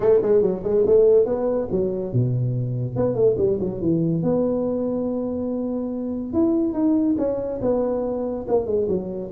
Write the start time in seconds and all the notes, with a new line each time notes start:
0.00 A3
0.22 G#3
0.41 F#3
0.63 G#3
0.86 A3
1.25 B3
1.71 F#3
2.12 B2
2.95 B3
3.15 A3
3.37 G3
3.60 F#3
3.81 E3
4.23 B3
6.33 E4
6.73 D#4
7.18 C#4
7.61 B3
8.47 A#3
8.66 G#3
8.88 F#3